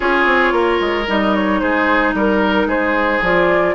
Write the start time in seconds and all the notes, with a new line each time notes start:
0.00 C#4 F4 G#4 C#5
0.25 C4
0.52 A#3 A#4
0.80 G#3
1.07 G3 D#4 D#5
1.34 C#5
1.59 G#3 G#4 C5
2.14 G3 A#4
2.66 G#3 G#4 C5
3.21 F3 F4 D5